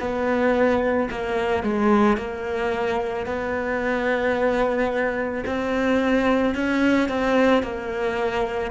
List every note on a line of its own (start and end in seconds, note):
0.00 1.09 B3
1.11 1.63 A#3
1.63 2.17 G#3
2.17 3.26 A#3
3.26 5.44 B3
5.46 6.55 C4
6.55 7.09 C#4
7.09 7.63 C4
7.63 8.71 A#3